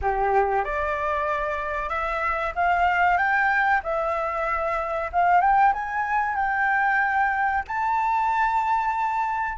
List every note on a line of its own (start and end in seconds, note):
0.01 0.64 G4
0.64 1.89 D5
1.89 2.53 E5
2.55 3.17 F5
3.17 3.81 G5
3.83 5.10 E5
5.12 5.41 F5
5.41 5.72 G5
5.73 6.35 G#5
6.35 7.63 G5
7.67 9.57 A5